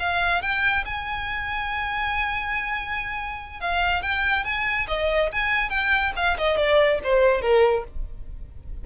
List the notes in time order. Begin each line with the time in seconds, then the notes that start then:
0.00 F5
0.42 G5
0.85 G#5
3.61 F5
4.02 G5
4.45 G#5
4.88 D#5
5.32 G#5
5.70 G5
6.16 F5
6.38 D#5
6.57 D5
7.04 C5
7.42 A#4